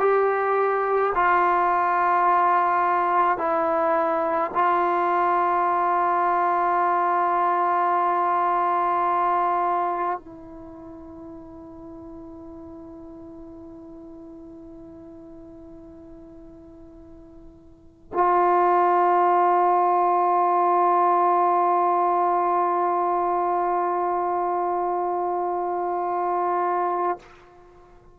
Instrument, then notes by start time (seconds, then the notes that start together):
trombone
0.00 G4
1.15 F4
3.38 E4
4.54 F4
10.19 E4
18.14 F4